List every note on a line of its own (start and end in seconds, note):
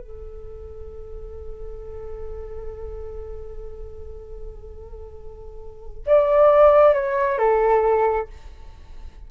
0.00 6.04 A4
6.07 6.94 D5
6.94 7.39 C#5
7.39 8.28 A4